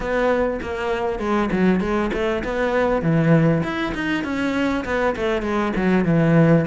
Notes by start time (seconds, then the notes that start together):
0.00 B3
0.62 A#3
1.19 G#3
1.51 F#3
1.80 G#3
2.13 A3
2.44 B3
3.02 E3
3.63 E4
3.94 D#4
4.23 C#4
4.85 B3
5.15 A3
5.42 G#3
5.76 F#3
6.04 E3